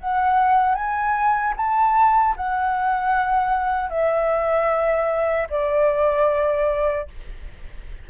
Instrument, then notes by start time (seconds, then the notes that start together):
flute
0.00 F#5
0.75 G#5
1.56 A5
2.36 F#5
3.90 E5
5.50 D5